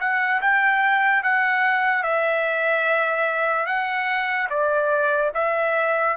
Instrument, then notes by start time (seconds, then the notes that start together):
trumpet
0.00 F#5
0.41 G5
1.23 F#5
2.03 E5
3.66 F#5
4.49 D5
5.34 E5